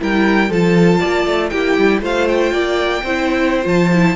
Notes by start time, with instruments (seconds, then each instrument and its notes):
0.00 cello G3, viola E4, violin A#4 G5
0.50 cello F3, viola F4, violin A4 A5
1.00 cello A#3, violin D5
1.27 cello A3
1.50 cello A#3, viola E4, violin G4 G5
1.78 cello G3
2.02 cello A3, viola F4, violin C5 F5
2.28 violin G5
2.52 cello A#3, violin D5
3.04 cello C4, viola E4, violin C5
3.64 cello F3, viola F4, violin A5
3.93 viola E4